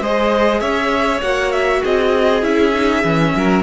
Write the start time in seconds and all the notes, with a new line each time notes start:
0.00 G#3 G#4 C5 D#5
0.60 C#4 C#5 E5
1.21 A#3 F#4 F#5
1.52 E5
1.81 C4 G#4 D#5
2.42 C#4 E4 E5
2.73 D#4
3.03 E3 C#4
3.36 F#3 A#4